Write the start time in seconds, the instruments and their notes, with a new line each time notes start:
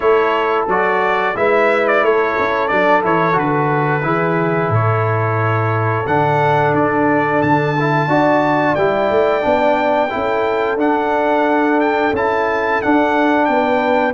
0.00 tuba A3, trombone E4, horn A4, trumpet C#5
0.67 tuba F#3, trombone F#4, trumpet D5
1.35 tuba G#3, trombone E4, horn B4, trumpet E5
1.87 trumpet D5
2.02 tuba A3, horn A4, trumpet C#5
2.38 tuba C#4
2.68 tuba F#3, trombone D4, trumpet D5
3.02 tuba E3, trombone E4, trumpet C#5
3.33 tuba D3, trombone F#4, trumpet B4
4.02 tuba E3, trombone E4, horn G#4
4.69 tuba A2, horn A4, trumpet C#5
6.06 tuba D3, trombone D4, trumpet F#5
6.74 tuba D4, trumpet D5
7.42 tuba D3, trumpet A5
7.80 trombone E4
8.07 tuba D4, trombone F#4, horn D5
8.75 tuba G3, trombone E4, trumpet G5
9.10 tuba A3
9.41 tuba B3, trombone D4
10.10 tuba C#4, trombone E4, horn A4
10.76 tuba D4, trombone D4, trumpet F#5
11.80 trumpet G5
12.12 tuba C#4, trombone E4, trumpet A5
12.82 trombone D4, tuba D4, trumpet F#5
13.45 tuba B3, trumpet G5
13.51 horn B4